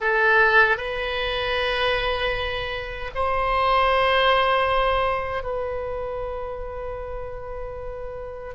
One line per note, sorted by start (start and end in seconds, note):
0.00 0.77 A4
0.77 3.11 B4
3.14 5.43 C5
5.43 8.54 B4